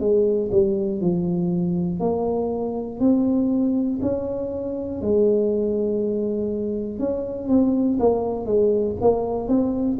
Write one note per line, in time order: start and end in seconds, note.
0.00 0.50 G#3
0.51 1.01 G3
1.01 2.00 F3
2.00 3.00 A#3
3.00 4.00 C4
4.02 5.02 C#4
5.02 7.00 G#3
7.00 7.49 C#4
7.49 7.99 C4
8.00 8.46 A#3
8.46 8.96 G#3
9.01 9.49 A#3
9.49 9.99 C4